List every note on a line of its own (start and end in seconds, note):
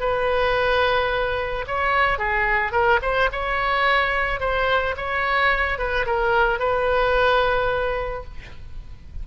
0.00 1.65 B4
1.67 2.19 C#5
2.19 2.72 G#4
2.72 2.99 A#4
3.02 3.30 C5
3.32 4.40 C#5
4.40 4.95 C5
4.97 5.78 C#5
5.78 6.06 B4
6.06 6.59 A#4
6.59 8.24 B4